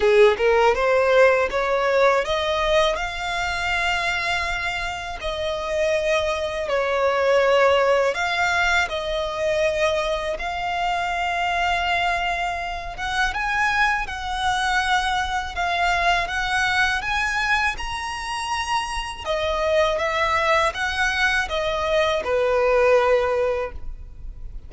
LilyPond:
\new Staff \with { instrumentName = "violin" } { \time 4/4 \tempo 4 = 81 gis'8 ais'8 c''4 cis''4 dis''4 | f''2. dis''4~ | dis''4 cis''2 f''4 | dis''2 f''2~ |
f''4. fis''8 gis''4 fis''4~ | fis''4 f''4 fis''4 gis''4 | ais''2 dis''4 e''4 | fis''4 dis''4 b'2 | }